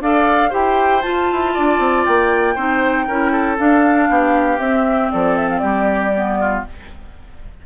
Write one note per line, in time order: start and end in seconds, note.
0.00 0.51 D4
0.00 0.50 A4
0.00 0.49 D5
0.00 0.52 F5
0.49 1.04 E4
0.49 1.01 G4
0.49 1.51 C5
0.49 1.02 G5
1.02 2.55 F4
1.02 1.31 F4
1.02 2.03 A5
1.31 1.57 E4
1.54 1.79 D4
1.54 2.55 D5
1.79 2.04 C4
2.05 2.56 A#3
2.05 3.57 G5
2.55 3.07 C4
2.55 3.07 D#4
2.55 3.05 C5
3.07 3.58 C#4
3.07 3.57 E4
3.07 3.31 A#4
3.31 4.08 A4
3.57 4.59 D4
3.57 4.09 D4
3.57 4.59 F5
4.09 4.58 B3
4.09 5.12 G4
4.58 5.09 C4
4.58 6.11 C4
4.58 5.10 E5
5.10 5.62 F3
5.10 5.61 A4
5.10 5.35 D5
5.35 5.48 E5
5.49 5.58 F5
5.58 6.64 G3
5.58 6.37 G4
5.58 6.60 D5
6.15 6.66 B3
6.40 6.65 F4